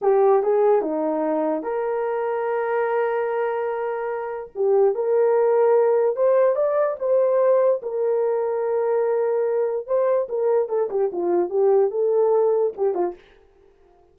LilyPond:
\new Staff \with { instrumentName = "horn" } { \time 4/4 \tempo 4 = 146 g'4 gis'4 dis'2 | ais'1~ | ais'2. g'4 | ais'2. c''4 |
d''4 c''2 ais'4~ | ais'1 | c''4 ais'4 a'8 g'8 f'4 | g'4 a'2 g'8 f'8 | }